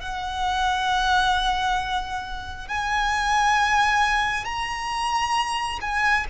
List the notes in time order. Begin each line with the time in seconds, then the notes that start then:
0.00 F#5
2.68 G#5
4.45 A#5
5.81 G#5